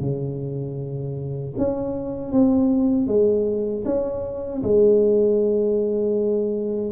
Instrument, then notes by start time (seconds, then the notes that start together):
tuba
0.00 C#3
1.57 C#4
2.32 C4
3.07 G#3
3.85 C#4
4.63 G#3